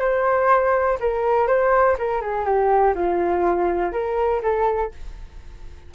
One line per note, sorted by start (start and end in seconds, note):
0.00 0.98 C5
1.00 1.47 A#4
1.47 1.96 C5
1.98 2.21 A#4
2.21 2.45 G#4
2.45 2.94 G4
2.95 3.92 F4
3.92 4.42 A#4
4.42 4.91 A4